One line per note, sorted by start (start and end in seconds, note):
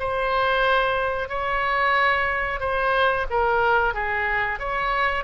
0.00 1.29 C5
1.29 2.60 C#5
2.60 3.26 C5
3.30 3.94 A#4
3.94 4.60 G#4
4.60 5.24 C#5